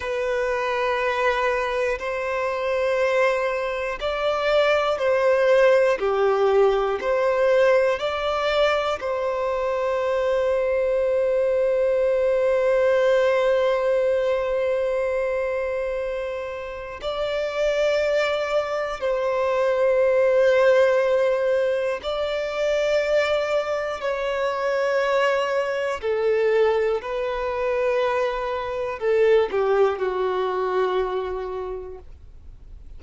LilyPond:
\new Staff \with { instrumentName = "violin" } { \time 4/4 \tempo 4 = 60 b'2 c''2 | d''4 c''4 g'4 c''4 | d''4 c''2.~ | c''1~ |
c''4 d''2 c''4~ | c''2 d''2 | cis''2 a'4 b'4~ | b'4 a'8 g'8 fis'2 | }